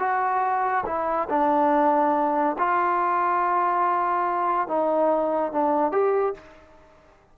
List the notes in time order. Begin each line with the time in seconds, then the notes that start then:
0.00 F#4
0.86 E4
1.30 D4
2.59 F4
4.68 D#4
5.53 D4
5.92 G4